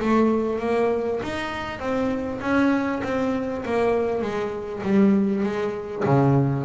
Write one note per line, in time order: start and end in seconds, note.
0.00 0.60 A3
0.60 1.20 A#3
1.23 1.80 D#4
1.80 2.40 C4
2.41 3.02 C#4
3.04 3.64 C4
3.66 4.22 A#3
4.22 4.83 G#3
4.83 5.44 G3
5.44 6.04 G#3
6.05 6.65 C#3